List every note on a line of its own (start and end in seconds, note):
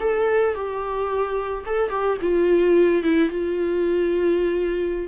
0.00 0.55 A4
0.55 1.65 G4
1.66 1.90 A4
1.90 2.17 G4
2.22 3.04 F4
3.04 3.30 E4
3.30 5.08 F4